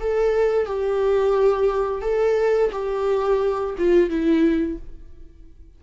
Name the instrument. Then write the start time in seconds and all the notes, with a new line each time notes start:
viola
0.00 A4
0.66 G4
2.02 A4
2.72 G4
3.78 F4
4.09 E4